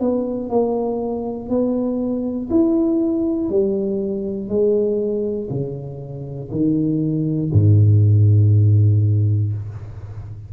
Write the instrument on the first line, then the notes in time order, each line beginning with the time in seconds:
tuba
0.00 B3
0.50 A#3
1.50 B3
2.50 E4
3.50 G3
4.49 G#3
5.50 C#3
6.51 D#3
7.53 G#2